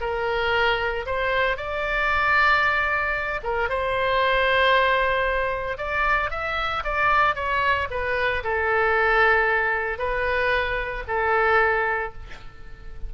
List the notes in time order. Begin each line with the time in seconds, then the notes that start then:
0.00 A#4
1.06 C5
1.56 D5
3.43 A#4
3.69 C5
5.77 D5
6.30 E5
6.83 D5
7.35 C#5
7.90 B4
8.43 A4
9.98 B4
11.07 A4